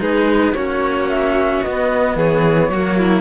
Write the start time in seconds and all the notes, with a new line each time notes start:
0.00 G#3 D#4 G#4 B4
0.52 A#3 C#4 F#4 C#5
1.09 E5
1.63 B3 D#5
2.15 E3 G#4 C#5
2.69 F#3 A#3 F#4
2.98 E4